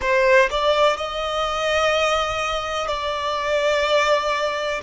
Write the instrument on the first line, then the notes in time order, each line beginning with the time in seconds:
violin
0.00 C5
0.50 D5
0.96 D#5
2.87 D5